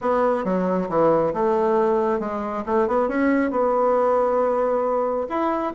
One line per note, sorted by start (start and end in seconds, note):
0.01 0.44 B3
0.44 0.88 F#3
0.89 1.33 E3
1.33 2.19 A3
2.19 2.63 G#3
2.66 2.87 A3
2.87 3.08 B3
3.08 3.50 C#4
3.50 5.27 B3
5.29 5.73 E4